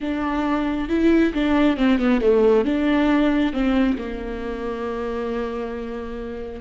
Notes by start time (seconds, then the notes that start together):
0.00 D4
0.88 E4
1.33 D4
1.76 C4
1.99 B3
2.20 A3
2.64 D4
3.52 C4
3.98 A#3